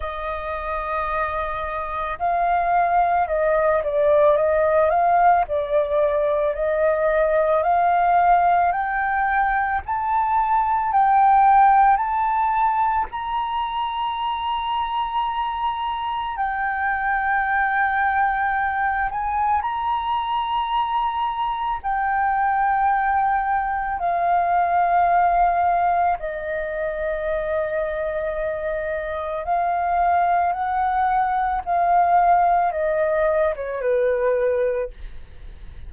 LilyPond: \new Staff \with { instrumentName = "flute" } { \time 4/4 \tempo 4 = 55 dis''2 f''4 dis''8 d''8 | dis''8 f''8 d''4 dis''4 f''4 | g''4 a''4 g''4 a''4 | ais''2. g''4~ |
g''4. gis''8 ais''2 | g''2 f''2 | dis''2. f''4 | fis''4 f''4 dis''8. cis''16 b'4 | }